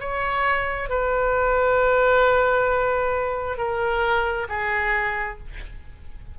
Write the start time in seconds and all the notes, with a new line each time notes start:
0.00 C#5
0.90 B4
3.57 A#4
4.49 G#4